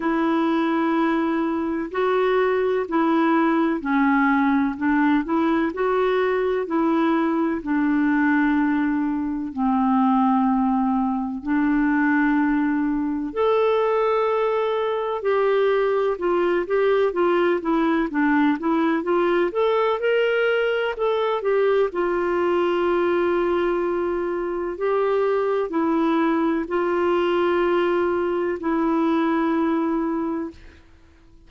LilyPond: \new Staff \with { instrumentName = "clarinet" } { \time 4/4 \tempo 4 = 63 e'2 fis'4 e'4 | cis'4 d'8 e'8 fis'4 e'4 | d'2 c'2 | d'2 a'2 |
g'4 f'8 g'8 f'8 e'8 d'8 e'8 | f'8 a'8 ais'4 a'8 g'8 f'4~ | f'2 g'4 e'4 | f'2 e'2 | }